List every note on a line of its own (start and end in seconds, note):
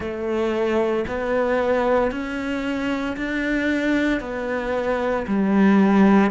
0.00 1.05 A3
1.07 2.11 B3
2.11 3.16 C#4
3.16 4.20 D4
4.20 5.25 B3
5.27 6.31 G3